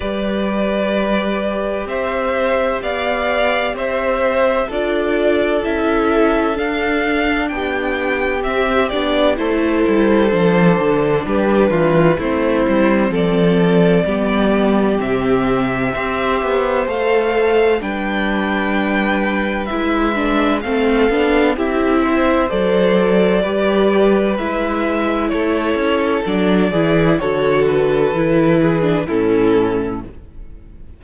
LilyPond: <<
  \new Staff \with { instrumentName = "violin" } { \time 4/4 \tempo 4 = 64 d''2 e''4 f''4 | e''4 d''4 e''4 f''4 | g''4 e''8 d''8 c''2 | b'4 c''4 d''2 |
e''2 f''4 g''4~ | g''4 e''4 f''4 e''4 | d''2 e''4 cis''4 | d''4 cis''8 b'4. a'4 | }
  \new Staff \with { instrumentName = "violin" } { \time 4/4 b'2 c''4 d''4 | c''4 a'2. | g'2 a'2 | g'8 f'8 e'4 a'4 g'4~ |
g'4 c''2 b'4~ | b'2 a'4 g'8 c''8~ | c''4 b'2 a'4~ | a'8 gis'8 a'4. gis'8 e'4 | }
  \new Staff \with { instrumentName = "viola" } { \time 4/4 g'1~ | g'4 f'4 e'4 d'4~ | d'4 c'8 d'8 e'4 d'4~ | d'4 c'2 b4 |
c'4 g'4 a'4 d'4~ | d'4 e'8 d'8 c'8 d'8 e'4 | a'4 g'4 e'2 | d'8 e'8 fis'4 e'8. d'16 cis'4 | }
  \new Staff \with { instrumentName = "cello" } { \time 4/4 g2 c'4 b4 | c'4 d'4 cis'4 d'4 | b4 c'8 b8 a8 g8 f8 d8 | g8 e8 a8 g8 f4 g4 |
c4 c'8 b8 a4 g4~ | g4 gis4 a8 b8 c'4 | fis4 g4 gis4 a8 cis'8 | fis8 e8 d4 e4 a,4 | }
>>